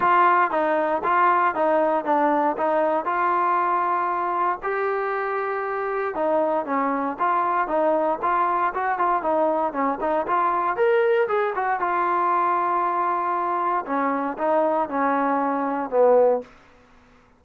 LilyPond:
\new Staff \with { instrumentName = "trombone" } { \time 4/4 \tempo 4 = 117 f'4 dis'4 f'4 dis'4 | d'4 dis'4 f'2~ | f'4 g'2. | dis'4 cis'4 f'4 dis'4 |
f'4 fis'8 f'8 dis'4 cis'8 dis'8 | f'4 ais'4 gis'8 fis'8 f'4~ | f'2. cis'4 | dis'4 cis'2 b4 | }